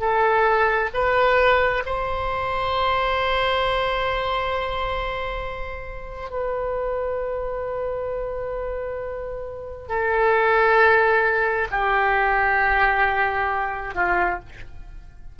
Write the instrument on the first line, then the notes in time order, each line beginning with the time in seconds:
oboe
0.00 A4
0.94 B4
1.86 C5
6.31 B4
9.89 A4
11.71 G4
13.95 F4